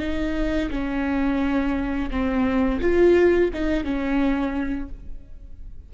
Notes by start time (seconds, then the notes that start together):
0.00 D#4
0.71 C#4
2.11 C4
2.81 F4
3.54 D#4
3.84 C#4